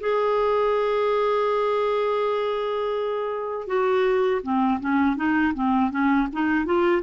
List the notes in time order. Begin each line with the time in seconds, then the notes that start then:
0.00 G#4
3.67 F#4
4.42 C4
4.80 C#4
5.16 D#4
5.54 C4
5.91 C#4
6.32 D#4
6.65 F4